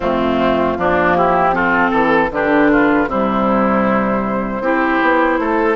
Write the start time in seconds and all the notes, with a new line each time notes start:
0.00 F2 A3 C4 F4
0.77 F3 A#3 D4
1.15 E4 G4
1.52 C4 F4 A4
1.91 E3 A4
2.30 D3 D4 G4 B4
2.71 F4
3.06 C3 G3 E4 C5
4.59 C4 E4 G4
5.02 B3
5.38 A3 A4